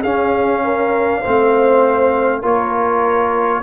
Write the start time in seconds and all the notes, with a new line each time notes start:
0.00 C#4 G#4 F5
0.64 A#4
1.21 A3 C4 C5
2.41 A#3 F4 A#4 C#5